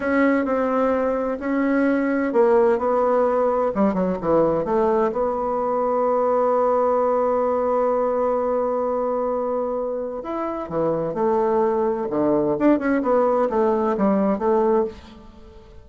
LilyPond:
\new Staff \with { instrumentName = "bassoon" } { \time 4/4 \tempo 4 = 129 cis'4 c'2 cis'4~ | cis'4 ais4 b2 | g8 fis8 e4 a4 b4~ | b1~ |
b1~ | b2 e'4 e4 | a2 d4 d'8 cis'8 | b4 a4 g4 a4 | }